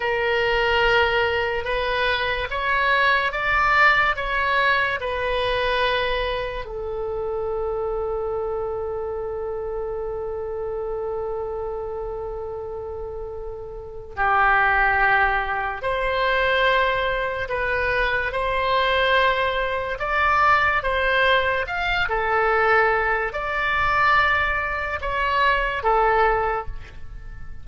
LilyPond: \new Staff \with { instrumentName = "oboe" } { \time 4/4 \tempo 4 = 72 ais'2 b'4 cis''4 | d''4 cis''4 b'2 | a'1~ | a'1~ |
a'4 g'2 c''4~ | c''4 b'4 c''2 | d''4 c''4 f''8 a'4. | d''2 cis''4 a'4 | }